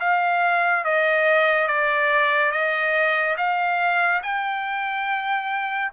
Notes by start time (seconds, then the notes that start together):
0.00 F5
0.85 D#5
1.67 D5
2.52 D#5
3.37 F5
4.23 G5